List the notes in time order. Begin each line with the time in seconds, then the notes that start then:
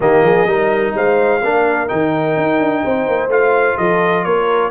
0.00 D#3 A#3 G4 D#5
0.22 F3 G#4
0.46 G3 D#4 A#4
0.94 G#3 C5 F5
1.42 A#3 D4 A#4
1.87 D#3 D#4 G5
2.37 D#4
2.59 D4
2.83 C4 C5
3.07 A#3
3.28 A3 F4 F5
3.77 F3 A4 D#5
4.24 A#3 A#4 C#5